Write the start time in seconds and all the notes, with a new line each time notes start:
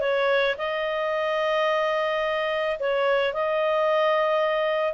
0.00 C#5
0.58 D#5
2.79 C#5
3.33 D#5